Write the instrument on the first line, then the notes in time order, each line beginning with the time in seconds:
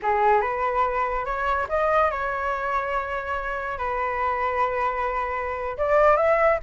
flute
0.02 G#4
0.41 B4
1.25 C#5
1.69 D#5
2.10 C#5
3.78 B4
5.77 D5
6.16 E5